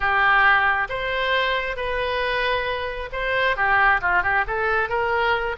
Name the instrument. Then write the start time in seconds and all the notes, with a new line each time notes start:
oboe
0.00 G4
0.89 C5
1.76 B4
3.12 C5
3.56 G4
4.01 F4
4.22 G4
4.47 A4
4.89 A#4